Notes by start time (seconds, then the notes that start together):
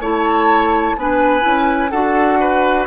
0.00 A3 E4 C#5 A5
0.96 B3 D4 B4 G#5
1.41 C#4 E4
1.90 D4 F#4 A4 F#5
2.40 B4